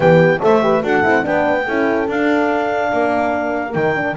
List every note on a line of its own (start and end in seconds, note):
0.00 0.40 E3
0.00 0.39 B3
0.00 0.41 G4
0.00 0.41 G5
0.40 0.83 A3
0.40 0.60 A4
0.40 0.63 C5
0.40 0.84 E5
0.61 0.82 G4
0.61 0.83 B4
0.83 1.04 D4
0.83 1.03 F#4
0.83 1.24 A4
0.83 1.25 F#5
1.03 1.25 C4
1.03 1.22 E4
1.22 1.68 B3
1.22 1.64 D4
1.22 1.64 B4
1.22 2.09 G5
1.64 2.08 C#4
1.64 2.09 E4
1.64 2.89 A4
2.08 2.91 D4
2.08 3.73 D4
2.08 3.73 F5
2.92 3.75 A#3
2.92 4.17 A#4
3.73 4.17 D#3
3.73 3.94 D#4
3.73 4.15 G5
3.95 4.16 D4